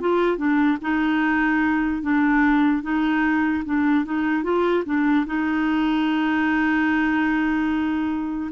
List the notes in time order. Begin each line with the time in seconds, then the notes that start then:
0.00 F4
0.37 D4
0.81 D#4
2.02 D4
2.82 D#4
3.64 D4
4.05 D#4
4.43 F4
4.85 D4
5.26 D#4